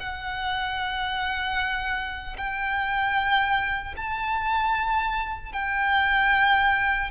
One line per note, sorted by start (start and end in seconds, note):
0.00 2.37 F#5
2.38 3.95 G5
3.97 5.53 A5
5.53 7.11 G5